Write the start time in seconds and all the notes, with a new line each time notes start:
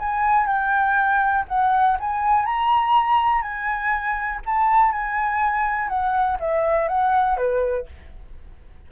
0.00 G#5
0.47 G5
1.48 F#5
2.00 G#5
2.46 A#5
3.42 G#5
4.46 A5
4.92 G#5
5.89 F#5
6.40 E5
6.89 F#5
7.37 B4